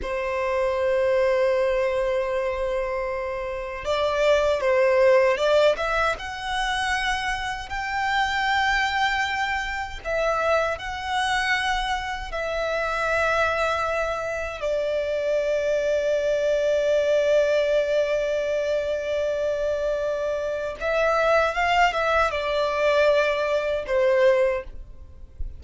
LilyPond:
\new Staff \with { instrumentName = "violin" } { \time 4/4 \tempo 4 = 78 c''1~ | c''4 d''4 c''4 d''8 e''8 | fis''2 g''2~ | g''4 e''4 fis''2 |
e''2. d''4~ | d''1~ | d''2. e''4 | f''8 e''8 d''2 c''4 | }